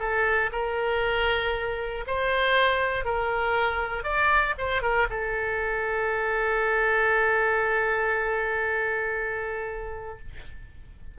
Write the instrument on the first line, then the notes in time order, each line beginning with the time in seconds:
oboe
0.00 A4
0.52 A#4
2.07 C5
3.05 A#4
4.04 D5
4.58 C5
4.82 A#4
5.10 A4